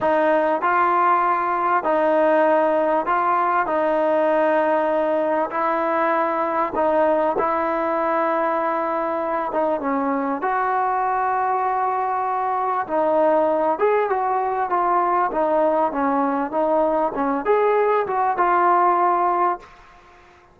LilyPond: \new Staff \with { instrumentName = "trombone" } { \time 4/4 \tempo 4 = 98 dis'4 f'2 dis'4~ | dis'4 f'4 dis'2~ | dis'4 e'2 dis'4 | e'2.~ e'8 dis'8 |
cis'4 fis'2.~ | fis'4 dis'4. gis'8 fis'4 | f'4 dis'4 cis'4 dis'4 | cis'8 gis'4 fis'8 f'2 | }